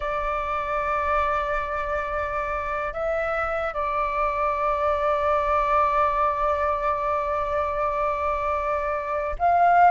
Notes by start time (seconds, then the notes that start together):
0.00 D5
2.93 E5
3.73 D5
9.38 F5